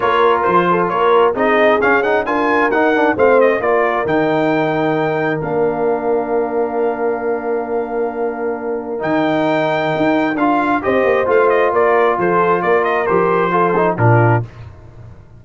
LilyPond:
<<
  \new Staff \with { instrumentName = "trumpet" } { \time 4/4 \tempo 4 = 133 cis''4 c''4 cis''4 dis''4 | f''8 fis''8 gis''4 fis''4 f''8 dis''8 | d''4 g''2. | f''1~ |
f''1 | g''2. f''4 | dis''4 f''8 dis''8 d''4 c''4 | d''8 dis''8 c''2 ais'4 | }
  \new Staff \with { instrumentName = "horn" } { \time 4/4 ais'4. a'8 ais'4 gis'4~ | gis'4 ais'2 c''4 | ais'1~ | ais'1~ |
ais'1~ | ais'1 | c''2 ais'4 a'4 | ais'2 a'4 f'4 | }
  \new Staff \with { instrumentName = "trombone" } { \time 4/4 f'2. dis'4 | cis'8 dis'8 f'4 dis'8 d'8 c'4 | f'4 dis'2. | d'1~ |
d'1 | dis'2. f'4 | g'4 f'2.~ | f'4 g'4 f'8 dis'8 d'4 | }
  \new Staff \with { instrumentName = "tuba" } { \time 4/4 ais4 f4 ais4 c'4 | cis'4 d'4 dis'4 a4 | ais4 dis2. | ais1~ |
ais1 | dis2 dis'4 d'4 | c'8 ais8 a4 ais4 f4 | ais4 f2 ais,4 | }
>>